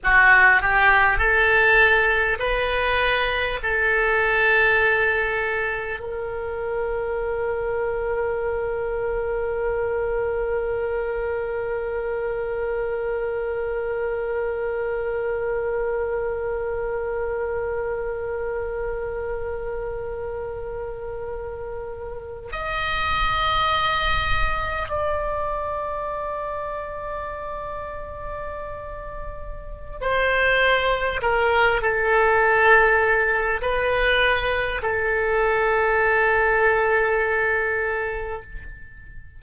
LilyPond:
\new Staff \with { instrumentName = "oboe" } { \time 4/4 \tempo 4 = 50 fis'8 g'8 a'4 b'4 a'4~ | a'4 ais'2.~ | ais'1~ | ais'1~ |
ais'2~ ais'8. dis''4~ dis''16~ | dis''8. d''2.~ d''16~ | d''4 c''4 ais'8 a'4. | b'4 a'2. | }